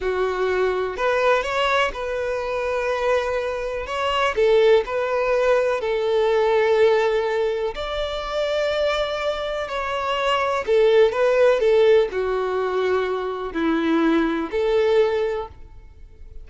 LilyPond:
\new Staff \with { instrumentName = "violin" } { \time 4/4 \tempo 4 = 124 fis'2 b'4 cis''4 | b'1 | cis''4 a'4 b'2 | a'1 |
d''1 | cis''2 a'4 b'4 | a'4 fis'2. | e'2 a'2 | }